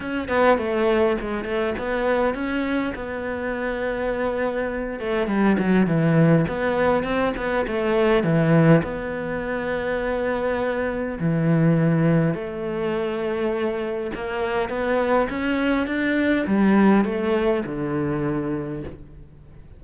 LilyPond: \new Staff \with { instrumentName = "cello" } { \time 4/4 \tempo 4 = 102 cis'8 b8 a4 gis8 a8 b4 | cis'4 b2.~ | b8 a8 g8 fis8 e4 b4 | c'8 b8 a4 e4 b4~ |
b2. e4~ | e4 a2. | ais4 b4 cis'4 d'4 | g4 a4 d2 | }